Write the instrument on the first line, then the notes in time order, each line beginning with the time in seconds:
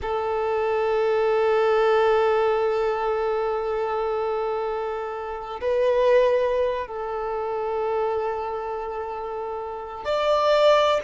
violin
0.01 A4
5.60 B4
6.87 A4
10.04 D5